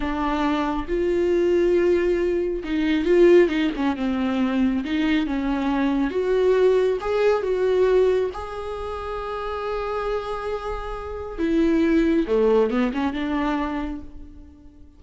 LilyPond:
\new Staff \with { instrumentName = "viola" } { \time 4/4 \tempo 4 = 137 d'2 f'2~ | f'2 dis'4 f'4 | dis'8 cis'8 c'2 dis'4 | cis'2 fis'2 |
gis'4 fis'2 gis'4~ | gis'1~ | gis'2 e'2 | a4 b8 cis'8 d'2 | }